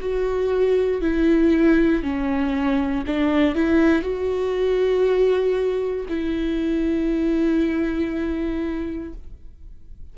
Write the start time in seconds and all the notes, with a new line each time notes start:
0.00 F#4
1.01 E4
2.02 C#4
3.06 D4
3.55 E4
4.02 F#4
6.08 E4